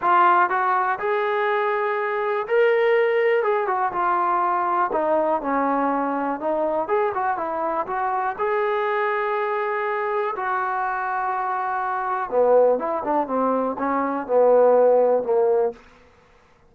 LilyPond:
\new Staff \with { instrumentName = "trombone" } { \time 4/4 \tempo 4 = 122 f'4 fis'4 gis'2~ | gis'4 ais'2 gis'8 fis'8 | f'2 dis'4 cis'4~ | cis'4 dis'4 gis'8 fis'8 e'4 |
fis'4 gis'2.~ | gis'4 fis'2.~ | fis'4 b4 e'8 d'8 c'4 | cis'4 b2 ais4 | }